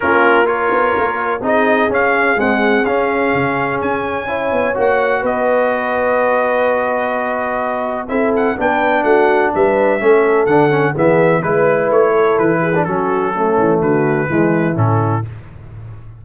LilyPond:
<<
  \new Staff \with { instrumentName = "trumpet" } { \time 4/4 \tempo 4 = 126 ais'4 cis''2 dis''4 | f''4 fis''4 f''2 | gis''2 fis''4 dis''4~ | dis''1~ |
dis''4 e''8 fis''8 g''4 fis''4 | e''2 fis''4 e''4 | b'4 cis''4 b'4 a'4~ | a'4 b'2 a'4 | }
  \new Staff \with { instrumentName = "horn" } { \time 4/4 f'4 ais'2 gis'4~ | gis'1~ | gis'4 cis''2 b'4~ | b'1~ |
b'4 a'4 b'4 fis'4 | b'4 a'2 gis'4 | b'4. a'4 gis'8 fis'4 | cis'4 fis'4 e'2 | }
  \new Staff \with { instrumentName = "trombone" } { \time 4/4 cis'4 f'2 dis'4 | cis'4 gis4 cis'2~ | cis'4 e'4 fis'2~ | fis'1~ |
fis'4 e'4 d'2~ | d'4 cis'4 d'8 cis'8 b4 | e'2~ e'8. d'16 cis'4 | a2 gis4 cis'4 | }
  \new Staff \with { instrumentName = "tuba" } { \time 4/4 ais4. b8 ais4 c'4 | cis'4 c'4 cis'4 cis4 | cis'4. b8 ais4 b4~ | b1~ |
b4 c'4 b4 a4 | g4 a4 d4 e4 | gis4 a4 e4 fis4~ | fis8 e8 d4 e4 a,4 | }
>>